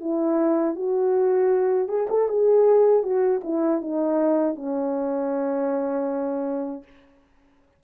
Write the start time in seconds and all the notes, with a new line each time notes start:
0.00 E4
0.75 F#4
1.88 G#4
2.09 A4
2.28 G#4
3.03 F#4
3.43 E4
3.81 D#4
4.55 C#4